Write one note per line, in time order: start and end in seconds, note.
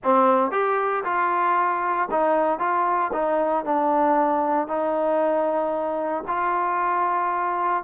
0.03 0.51 C4
0.51 1.03 G4
1.04 2.08 F4
2.11 2.59 D#4
2.59 3.11 F4
3.12 3.64 D#4
3.64 4.67 D4
4.67 6.23 D#4
6.28 7.83 F4